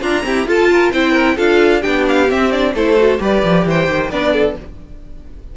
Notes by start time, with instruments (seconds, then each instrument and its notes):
0.00 cello D4, viola D4, violin F4 A#5
0.23 viola C4, cello E4, violin G4
0.46 cello F4, viola F4, violin A4 A5
0.72 violin A#4
0.92 cello C4, viola E4, violin C5 G5
1.12 violin A#4
1.36 cello D4, viola F4, violin A4 F5
1.81 cello B3, viola D4, violin G4 G5
2.08 violin F5
2.28 viola C4, cello C4, violin E5
2.51 viola D4, violin D5
2.74 cello A3, viola E4, violin A4 C5
2.97 viola F#4
3.18 cello G3, viola G4, violin B4 D5
3.43 cello F3
3.65 cello E3, violin C5 G5
3.87 cello D#3
4.10 cello B3, viola D4, violin B4 D5
4.33 violin A4